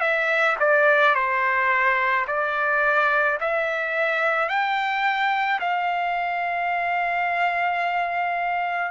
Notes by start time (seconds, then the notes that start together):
0.00 E5
0.59 D5
1.14 C5
2.27 D5
3.40 E5
4.48 G5
5.60 F5